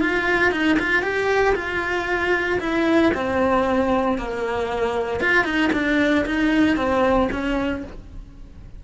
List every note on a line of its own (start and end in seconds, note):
0.00 0.51 F4
0.51 0.77 D#4
0.79 1.02 F4
1.02 1.54 G4
1.55 2.59 F4
2.60 3.12 E4
3.14 4.18 C4
4.18 5.20 A#3
5.20 5.44 F4
5.44 5.70 D#4
5.72 6.25 D4
6.25 6.76 D#4
6.76 7.28 C4
7.31 7.83 C#4